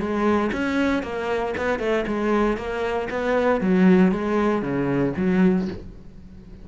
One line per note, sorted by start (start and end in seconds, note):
0.00 0.51 G#3
0.53 1.03 C#4
1.03 1.55 A#3
1.58 1.80 B3
1.80 2.05 A3
2.07 2.57 G#3
2.57 3.09 A#3
3.10 3.61 B3
3.61 4.12 F#3
4.12 4.62 G#3
4.62 5.14 C#3
5.17 5.68 F#3